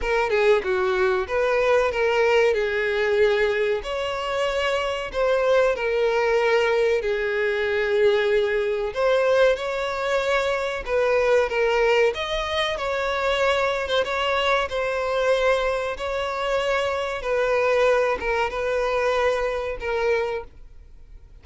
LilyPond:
\new Staff \with { instrumentName = "violin" } { \time 4/4 \tempo 4 = 94 ais'8 gis'8 fis'4 b'4 ais'4 | gis'2 cis''2 | c''4 ais'2 gis'4~ | gis'2 c''4 cis''4~ |
cis''4 b'4 ais'4 dis''4 | cis''4.~ cis''16 c''16 cis''4 c''4~ | c''4 cis''2 b'4~ | b'8 ais'8 b'2 ais'4 | }